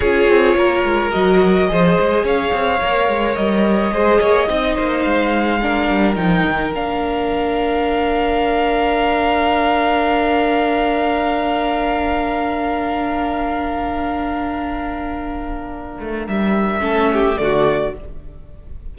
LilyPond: <<
  \new Staff \with { instrumentName = "violin" } { \time 4/4 \tempo 4 = 107 cis''2 dis''2 | f''2 dis''2~ | dis''4 f''2 g''4 | f''1~ |
f''1~ | f''1~ | f''1~ | f''4 e''2 d''4 | }
  \new Staff \with { instrumentName = "violin" } { \time 4/4 gis'4 ais'2 c''4 | cis''2. c''8 cis''8 | dis''8 c''4. ais'2~ | ais'1~ |
ais'1~ | ais'1~ | ais'1~ | ais'2 a'8 g'8 fis'4 | }
  \new Staff \with { instrumentName = "viola" } { \time 4/4 f'2 fis'4 gis'4~ | gis'4 ais'2 gis'4 | dis'2 d'4 dis'4 | d'1~ |
d'1~ | d'1~ | d'1~ | d'2 cis'4 a4 | }
  \new Staff \with { instrumentName = "cello" } { \time 4/4 cis'8 c'8 ais8 gis8 fis4 f8 gis8 | cis'8 c'8 ais8 gis8 g4 gis8 ais8 | c'8 ais8 gis4. g8 f8 dis8 | ais1~ |
ais1~ | ais1~ | ais1~ | ais8 a8 g4 a4 d4 | }
>>